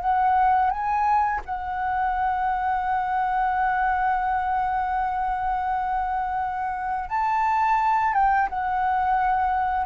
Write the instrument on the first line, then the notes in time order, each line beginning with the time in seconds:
flute
0.00 F#5
0.70 G#5
1.45 F#5
7.09 A5
8.13 G5
8.49 F#5